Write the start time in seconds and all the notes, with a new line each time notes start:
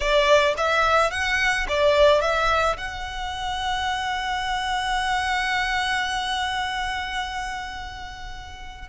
0.00 D5
0.57 E5
1.11 F#5
1.68 D5
2.21 E5
2.77 F#5